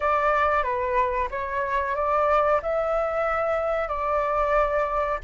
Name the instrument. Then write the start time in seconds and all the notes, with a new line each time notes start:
flute
0.00 D5
0.63 B4
1.30 C#5
1.95 D5
2.62 E5
3.88 D5